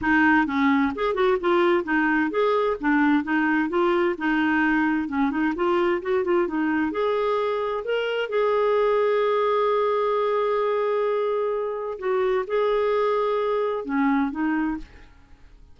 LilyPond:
\new Staff \with { instrumentName = "clarinet" } { \time 4/4 \tempo 4 = 130 dis'4 cis'4 gis'8 fis'8 f'4 | dis'4 gis'4 d'4 dis'4 | f'4 dis'2 cis'8 dis'8 | f'4 fis'8 f'8 dis'4 gis'4~ |
gis'4 ais'4 gis'2~ | gis'1~ | gis'2 fis'4 gis'4~ | gis'2 cis'4 dis'4 | }